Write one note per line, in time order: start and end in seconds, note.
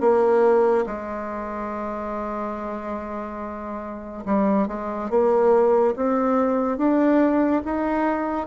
0.00 0.85 A#3
0.86 4.24 G#3
4.25 4.67 G3
4.67 5.10 G#3
5.10 5.94 A#3
5.96 6.77 C4
6.77 7.62 D4
7.64 8.47 D#4